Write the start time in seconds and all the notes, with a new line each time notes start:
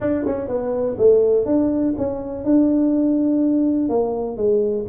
0.00 D4
0.26 C#4
0.48 B3
0.98 A3
1.45 D4
1.97 C#4
2.44 D4
3.89 A#3
4.37 G#3